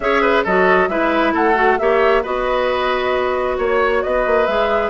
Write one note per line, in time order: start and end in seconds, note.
0.00 0.44 C#4
0.00 0.46 G#4
0.00 0.21 C#5
0.00 0.43 E5
0.21 0.44 B4
0.44 0.88 F#3
0.44 0.90 F#4
0.44 0.88 A4
0.44 0.88 D#5
0.88 1.33 G#3
0.88 1.55 E4
0.88 1.33 B4
0.88 1.33 E5
1.33 1.79 A3
1.33 1.78 A4
1.33 1.78 F#5
1.55 1.77 F#4
1.78 2.24 A#3
1.78 2.23 G4
1.78 2.23 C#5
1.78 2.23 E5
2.23 3.58 B3
2.23 4.47 F#4
2.23 3.57 B4
2.23 3.58 D#5
3.57 4.03 A#3
3.57 4.02 C#5
3.57 4.03 C#5
4.03 4.26 B3
4.03 4.89 B4
4.03 4.46 D#5
4.26 4.47 A#3
4.46 4.89 G#3
4.46 4.89 G#4
4.46 4.89 E5